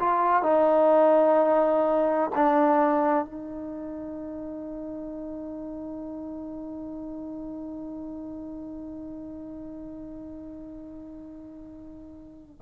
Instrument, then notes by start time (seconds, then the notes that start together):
trombone
0.00 F4
0.43 D#4
2.36 D4
3.25 D#4